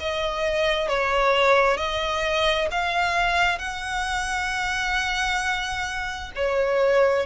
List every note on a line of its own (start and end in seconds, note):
0.00 0.88 D#5
0.88 1.77 C#5
1.77 2.68 D#5
2.71 3.59 F5
3.59 6.31 F#5
6.36 7.26 C#5